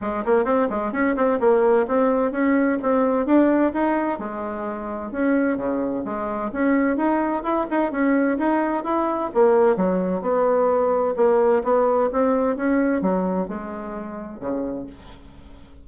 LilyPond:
\new Staff \with { instrumentName = "bassoon" } { \time 4/4 \tempo 4 = 129 gis8 ais8 c'8 gis8 cis'8 c'8 ais4 | c'4 cis'4 c'4 d'4 | dis'4 gis2 cis'4 | cis4 gis4 cis'4 dis'4 |
e'8 dis'8 cis'4 dis'4 e'4 | ais4 fis4 b2 | ais4 b4 c'4 cis'4 | fis4 gis2 cis4 | }